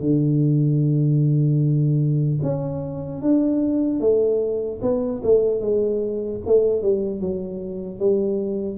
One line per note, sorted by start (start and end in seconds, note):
0.00 2.40 D3
2.43 3.21 C#4
3.21 4.00 D4
4.00 4.80 A3
4.81 5.21 B3
5.23 5.60 A3
5.60 6.40 G#3
6.45 6.82 A3
6.82 7.20 G3
7.20 7.99 F#3
7.99 8.78 G3